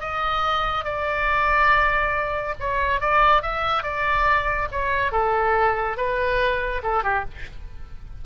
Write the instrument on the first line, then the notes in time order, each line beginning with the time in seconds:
oboe
0.00 D#5
0.84 D5
2.59 C#5
3.00 D5
3.42 E5
3.83 D5
4.71 C#5
5.11 A4
5.97 B4
6.83 A4
7.03 G4